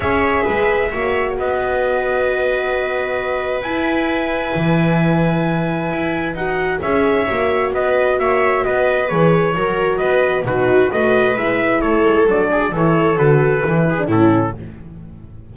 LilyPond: <<
  \new Staff \with { instrumentName = "trumpet" } { \time 4/4 \tempo 4 = 132 e''2. dis''4~ | dis''1 | gis''1~ | gis''2 fis''4 e''4~ |
e''4 dis''4 e''4 dis''4 | cis''2 dis''4 b'4 | dis''4 e''4 cis''4 d''4 | cis''4 b'2 a'4 | }
  \new Staff \with { instrumentName = "viola" } { \time 4/4 cis''4 b'4 cis''4 b'4~ | b'1~ | b'1~ | b'2. cis''4~ |
cis''4 b'4 cis''4 b'4~ | b'4 ais'4 b'4 fis'4 | b'2 a'4. gis'8 | a'2~ a'8 gis'8 e'4 | }
  \new Staff \with { instrumentName = "horn" } { \time 4/4 gis'2 fis'2~ | fis'1 | e'1~ | e'2 fis'4 gis'4 |
fis'1 | gis'4 fis'2 dis'4 | fis'4 e'2 d'4 | e'4 fis'4 e'8. d'16 cis'4 | }
  \new Staff \with { instrumentName = "double bass" } { \time 4/4 cis'4 gis4 ais4 b4~ | b1 | e'2 e2~ | e4 e'4 dis'4 cis'4 |
ais4 b4 ais4 b4 | e4 fis4 b4 b,4 | a4 gis4 a8 gis8 fis4 | e4 d4 e4 a,4 | }
>>